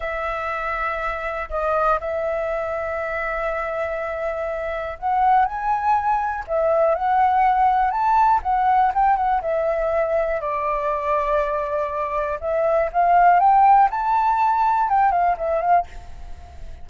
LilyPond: \new Staff \with { instrumentName = "flute" } { \time 4/4 \tempo 4 = 121 e''2. dis''4 | e''1~ | e''2 fis''4 gis''4~ | gis''4 e''4 fis''2 |
a''4 fis''4 g''8 fis''8 e''4~ | e''4 d''2.~ | d''4 e''4 f''4 g''4 | a''2 g''8 f''8 e''8 f''8 | }